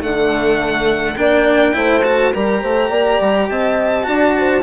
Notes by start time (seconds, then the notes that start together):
0.00 D3 A3 A4 F#5
1.17 A#3 D4 D5 G5
1.73 A3 E4 C5
2.04 F#4 A5
2.34 G3 G4 A#4 A#5
2.62 A3 C5
2.90 A#3 D5
3.20 G3
3.49 C4 D#5 A5
4.03 D4 F#4 D5
4.38 C5